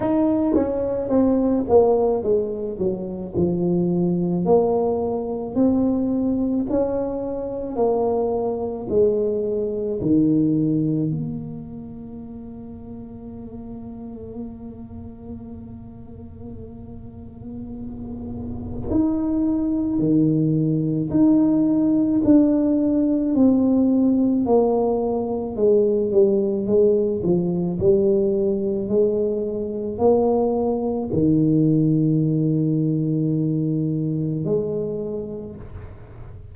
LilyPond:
\new Staff \with { instrumentName = "tuba" } { \time 4/4 \tempo 4 = 54 dis'8 cis'8 c'8 ais8 gis8 fis8 f4 | ais4 c'4 cis'4 ais4 | gis4 dis4 ais2~ | ais1~ |
ais4 dis'4 dis4 dis'4 | d'4 c'4 ais4 gis8 g8 | gis8 f8 g4 gis4 ais4 | dis2. gis4 | }